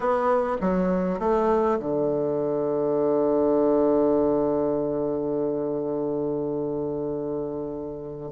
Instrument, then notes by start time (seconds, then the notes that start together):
bassoon
0.00 B3
0.60 F#3
1.19 A3
1.79 D3